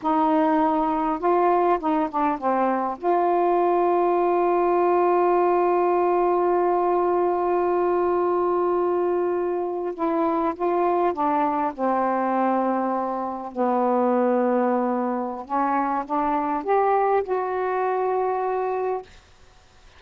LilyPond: \new Staff \with { instrumentName = "saxophone" } { \time 4/4 \tempo 4 = 101 dis'2 f'4 dis'8 d'8 | c'4 f'2.~ | f'1~ | f'1~ |
f'8. e'4 f'4 d'4 c'16~ | c'2~ c'8. b4~ b16~ | b2 cis'4 d'4 | g'4 fis'2. | }